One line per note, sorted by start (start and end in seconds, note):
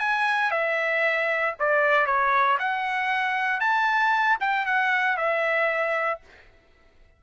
0.00 0.51 G#5
0.51 1.55 E5
1.60 2.06 D5
2.06 2.58 C#5
2.59 3.60 F#5
3.60 4.38 A5
4.41 4.66 G5
4.66 5.17 F#5
5.17 6.21 E5